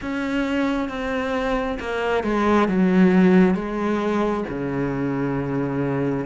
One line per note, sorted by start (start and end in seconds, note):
0.01 0.88 C#4
0.88 1.78 C4
1.79 2.23 A#3
2.23 2.68 G#3
2.68 3.55 F#3
3.55 4.44 G#3
4.48 6.26 C#3